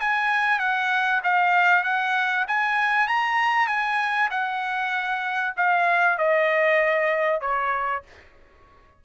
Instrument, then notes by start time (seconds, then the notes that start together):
trumpet
0.00 G#5
0.59 F#5
1.23 F5
1.83 F#5
2.47 G#5
3.08 A#5
3.67 G#5
4.30 F#5
5.56 F5
6.18 D#5
7.41 C#5